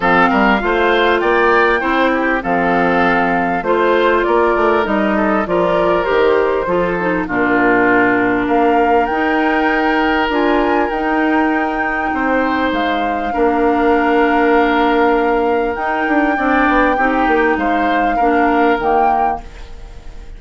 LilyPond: <<
  \new Staff \with { instrumentName = "flute" } { \time 4/4 \tempo 4 = 99 f''2 g''2 | f''2 c''4 d''4 | dis''4 d''4 c''2 | ais'2 f''4 g''4~ |
g''4 gis''4 g''2~ | g''4 f''2.~ | f''2 g''2~ | g''4 f''2 g''4 | }
  \new Staff \with { instrumentName = "oboe" } { \time 4/4 a'8 ais'8 c''4 d''4 c''8 g'8 | a'2 c''4 ais'4~ | ais'8 a'8 ais'2 a'4 | f'2 ais'2~ |
ais'1 | c''2 ais'2~ | ais'2. d''4 | g'4 c''4 ais'2 | }
  \new Staff \with { instrumentName = "clarinet" } { \time 4/4 c'4 f'2 e'4 | c'2 f'2 | dis'4 f'4 g'4 f'8 dis'8 | d'2. dis'4~ |
dis'4 f'4 dis'2~ | dis'2 d'2~ | d'2 dis'4 d'4 | dis'2 d'4 ais4 | }
  \new Staff \with { instrumentName = "bassoon" } { \time 4/4 f8 g8 a4 ais4 c'4 | f2 a4 ais8 a8 | g4 f4 dis4 f4 | ais,2 ais4 dis'4~ |
dis'4 d'4 dis'2 | c'4 gis4 ais2~ | ais2 dis'8 d'8 c'8 b8 | c'8 ais8 gis4 ais4 dis4 | }
>>